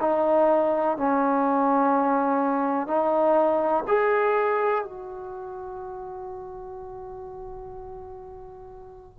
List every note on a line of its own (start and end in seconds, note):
0.00 0.97 D#4
0.97 2.87 C#4
2.87 3.84 D#4
3.88 4.84 G#4
4.84 9.18 F#4